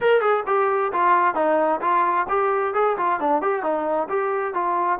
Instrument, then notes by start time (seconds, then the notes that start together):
trombone
0.00 A#4
0.20 G#4
0.46 G4
0.92 F4
1.35 D#4
1.81 F4
2.29 G4
2.74 G#4
2.97 F4
3.19 D4
3.41 G4
3.62 D#4
4.09 G4
4.54 F4